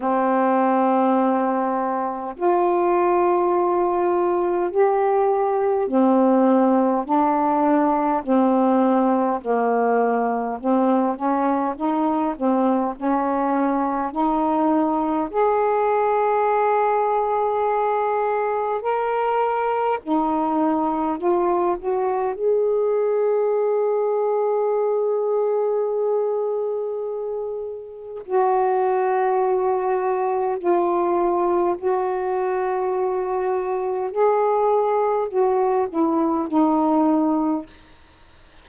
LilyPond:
\new Staff \with { instrumentName = "saxophone" } { \time 4/4 \tempo 4 = 51 c'2 f'2 | g'4 c'4 d'4 c'4 | ais4 c'8 cis'8 dis'8 c'8 cis'4 | dis'4 gis'2. |
ais'4 dis'4 f'8 fis'8 gis'4~ | gis'1 | fis'2 f'4 fis'4~ | fis'4 gis'4 fis'8 e'8 dis'4 | }